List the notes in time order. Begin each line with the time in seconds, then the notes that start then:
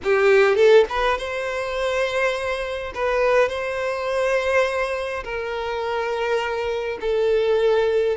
0.03 G4
0.55 A4
0.89 B4
1.18 C5
2.94 B4
3.48 C5
5.23 A#4
7.00 A4